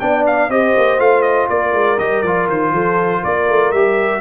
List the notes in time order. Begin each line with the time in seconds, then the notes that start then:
0.00 B3 D4 D5 G5
0.27 F5
0.49 C4 G4 C5 D#5
0.77 A#3
0.99 A3 F4 F5
1.23 D#5
1.49 A#3 A#4 D5
1.73 G#3
1.99 G3 G4 D#5
2.23 F3 F4 D5
2.48 D#3 C5
2.73 F3 A4
3.22 A#3 A#4 D5
3.49 A3
3.72 G3 G4 E5